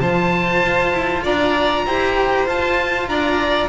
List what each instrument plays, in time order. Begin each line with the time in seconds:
0.00 double bass F3, cello F4, violin C5, oboe A5
0.62 double bass F4
0.93 double bass E4
1.23 double bass D4, violin D5, oboe A#5
1.86 double bass E4, cello G4, violin C5
2.47 cello F4, double bass F4, oboe A5
3.08 double bass D4, violin D5, oboe A#5